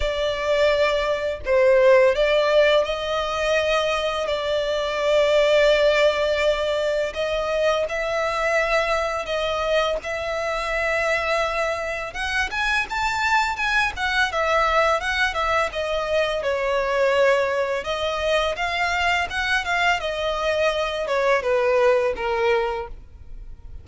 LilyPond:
\new Staff \with { instrumentName = "violin" } { \time 4/4 \tempo 4 = 84 d''2 c''4 d''4 | dis''2 d''2~ | d''2 dis''4 e''4~ | e''4 dis''4 e''2~ |
e''4 fis''8 gis''8 a''4 gis''8 fis''8 | e''4 fis''8 e''8 dis''4 cis''4~ | cis''4 dis''4 f''4 fis''8 f''8 | dis''4. cis''8 b'4 ais'4 | }